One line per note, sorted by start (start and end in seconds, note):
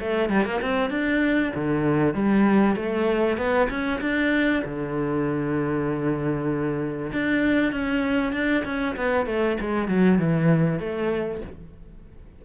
0.00 0.29 A3
0.29 0.44 G3
0.44 0.60 A#3
0.61 0.90 C4
0.90 1.52 D4
1.55 2.14 D3
2.14 2.75 G3
2.75 3.37 A3
3.37 3.68 B3
3.69 4.00 C#4
4.01 4.63 D4
4.64 7.11 D3
7.12 7.72 D4
7.72 8.32 C#4
8.32 8.63 D4
8.64 8.95 C#4
8.96 9.26 B3
9.26 9.57 A3
9.60 9.88 G#3
9.88 10.18 F#3
10.18 10.79 E3
10.79 11.41 A3